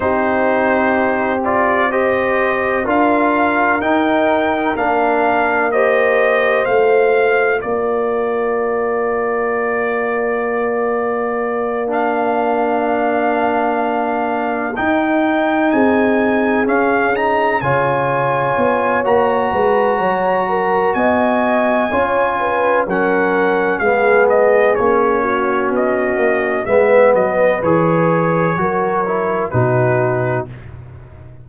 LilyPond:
<<
  \new Staff \with { instrumentName = "trumpet" } { \time 4/4 \tempo 4 = 63 c''4. d''8 dis''4 f''4 | g''4 f''4 dis''4 f''4 | d''1~ | d''8 f''2. g''8~ |
g''8 gis''4 f''8 ais''8 gis''4. | ais''2 gis''2 | fis''4 f''8 dis''8 cis''4 dis''4 | e''8 dis''8 cis''2 b'4 | }
  \new Staff \with { instrumentName = "horn" } { \time 4/4 g'2 c''4 ais'4~ | ais'2 c''2 | ais'1~ | ais'1~ |
ais'8 gis'2 cis''4.~ | cis''8 b'8 cis''8 ais'8 dis''4 cis''8 b'8 | ais'4 gis'4. fis'4. | b'2 ais'4 fis'4 | }
  \new Staff \with { instrumentName = "trombone" } { \time 4/4 dis'4. f'8 g'4 f'4 | dis'4 d'4 g'4 f'4~ | f'1~ | f'8 d'2. dis'8~ |
dis'4. cis'8 dis'8 f'4. | fis'2. f'4 | cis'4 b4 cis'2 | b4 gis'4 fis'8 e'8 dis'4 | }
  \new Staff \with { instrumentName = "tuba" } { \time 4/4 c'2. d'4 | dis'4 ais2 a4 | ais1~ | ais2.~ ais8 dis'8~ |
dis'8 c'4 cis'4 cis4 b8 | ais8 gis8 fis4 b4 cis'4 | fis4 gis4 ais4 b8 ais8 | gis8 fis8 e4 fis4 b,4 | }
>>